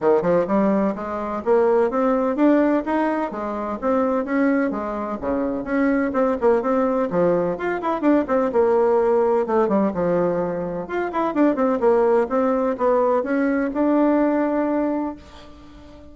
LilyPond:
\new Staff \with { instrumentName = "bassoon" } { \time 4/4 \tempo 4 = 127 dis8 f8 g4 gis4 ais4 | c'4 d'4 dis'4 gis4 | c'4 cis'4 gis4 cis4 | cis'4 c'8 ais8 c'4 f4 |
f'8 e'8 d'8 c'8 ais2 | a8 g8 f2 f'8 e'8 | d'8 c'8 ais4 c'4 b4 | cis'4 d'2. | }